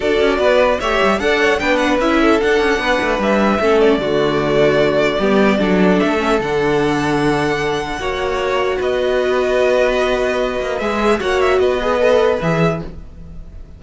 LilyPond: <<
  \new Staff \with { instrumentName = "violin" } { \time 4/4 \tempo 4 = 150 d''2 e''4 fis''4 | g''8 fis''8 e''4 fis''2 | e''4. d''2~ d''8~ | d''2. e''4 |
fis''1~ | fis''2 dis''2~ | dis''2. e''4 | fis''8 e''8 dis''2 e''4 | }
  \new Staff \with { instrumentName = "violin" } { \time 4/4 a'4 b'4 cis''4 d''8 cis''8 | b'4. a'4. b'4~ | b'4 a'4 fis'2~ | fis'4 g'4 a'2~ |
a'1 | cis''2 b'2~ | b'1 | cis''4 b'2. | }
  \new Staff \with { instrumentName = "viola" } { \time 4/4 fis'2 g'4 a'4 | d'4 e'4 d'2~ | d'4 cis'4 a2~ | a4 b4 d'4. cis'8 |
d'1 | fis'1~ | fis'2. gis'4 | fis'4. gis'8 a'4 gis'4 | }
  \new Staff \with { instrumentName = "cello" } { \time 4/4 d'8 cis'8 b4 a8 g8 d'4 | b4 cis'4 d'8 cis'8 b8 a8 | g4 a4 d2~ | d4 g4 fis4 a4 |
d1 | ais2 b2~ | b2~ b8 ais8 gis4 | ais4 b2 e4 | }
>>